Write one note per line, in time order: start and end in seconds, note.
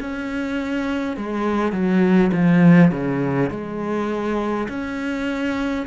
0.00 1.17 C#4
1.17 1.72 G#3
1.72 2.31 F#3
2.33 2.91 F3
2.91 3.50 C#3
3.50 4.68 G#3
4.68 5.86 C#4